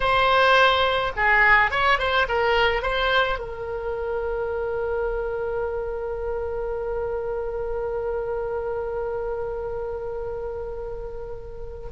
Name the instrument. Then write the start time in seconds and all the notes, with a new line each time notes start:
oboe
0.00 C5
1.16 G#4
1.70 C#5
1.98 C5
2.28 A#4
2.82 C5
3.38 A#4